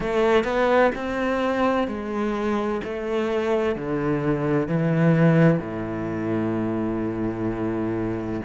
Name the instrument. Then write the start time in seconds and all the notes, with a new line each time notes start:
cello
0.00 A3
0.44 B3
0.95 C4
1.87 G#3
2.84 A3
3.75 D3
4.67 E3
5.59 A2